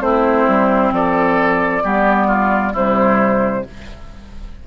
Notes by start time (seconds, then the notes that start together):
0.00 A3 C4 E4 C5
0.47 G3
0.91 F3 A4 D5
1.82 G3 B3 G4
2.27 F4
2.73 C3 G3 E4 C5